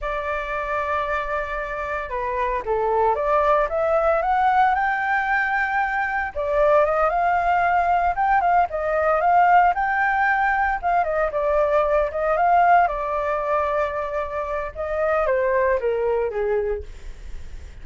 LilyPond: \new Staff \with { instrumentName = "flute" } { \time 4/4 \tempo 4 = 114 d''1 | b'4 a'4 d''4 e''4 | fis''4 g''2. | d''4 dis''8 f''2 g''8 |
f''8 dis''4 f''4 g''4.~ | g''8 f''8 dis''8 d''4. dis''8 f''8~ | f''8 d''2.~ d''8 | dis''4 c''4 ais'4 gis'4 | }